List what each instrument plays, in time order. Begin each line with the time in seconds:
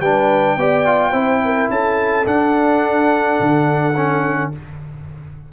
0.00 tuba G3, trombone D4, horn B4, trumpet G5
0.57 tuba B3, trombone G4, horn D5
0.86 trombone F4
1.11 tuba C4, trombone E4, horn C5
1.45 horn A#4
1.70 tuba C#4, horn A4, trumpet A5
2.25 trombone D4, tuba D4, trumpet F#5
3.40 tuba D3
3.96 trombone C#4